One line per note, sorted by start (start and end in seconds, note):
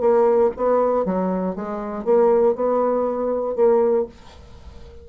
0.00 0.50 A#3
0.57 1.05 B3
1.05 1.55 F#3
1.55 2.04 G#3
2.04 2.55 A#3
2.55 3.55 B3
3.55 4.06 A#3